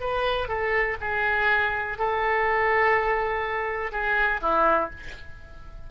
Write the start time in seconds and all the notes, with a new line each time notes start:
0.00 B4
0.48 A4
1.00 G#4
1.98 A4
3.92 G#4
4.41 E4